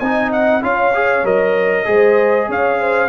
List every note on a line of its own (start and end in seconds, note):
0.00 0.63 C4
0.00 0.62 D#4
0.00 0.62 D#5
0.00 0.31 G#5
0.33 0.64 F#5
0.62 1.24 C#4
0.62 0.93 F4
0.62 1.87 C#5
0.62 1.26 F5
0.94 1.25 G#4
1.24 1.86 F#3
1.24 1.85 A#4
1.24 2.50 D#5
1.85 2.49 G#3
1.85 3.09 G#4
1.85 2.48 C5
2.48 3.09 C#4
2.48 2.79 C#5
2.48 3.09 F5
2.80 3.09 C5